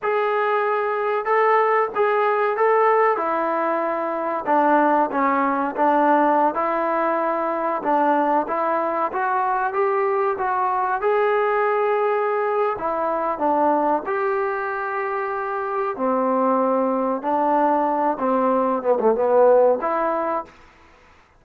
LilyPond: \new Staff \with { instrumentName = "trombone" } { \time 4/4 \tempo 4 = 94 gis'2 a'4 gis'4 | a'4 e'2 d'4 | cis'4 d'4~ d'16 e'4.~ e'16~ | e'16 d'4 e'4 fis'4 g'8.~ |
g'16 fis'4 gis'2~ gis'8. | e'4 d'4 g'2~ | g'4 c'2 d'4~ | d'8 c'4 b16 a16 b4 e'4 | }